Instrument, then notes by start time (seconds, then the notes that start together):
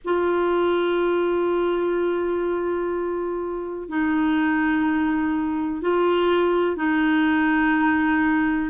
clarinet
0.04 F4
3.88 D#4
5.81 F4
6.76 D#4